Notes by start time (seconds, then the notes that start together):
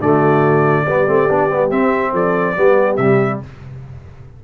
0.00 D3 A3 F#4 D5
0.84 G3 B3 G4
1.07 A3 C4
1.29 B3 D4
1.50 G3 B3
1.70 C4 E5
2.12 F3 A4 D5
2.56 G3 B3 G4
2.96 C3 G3 E5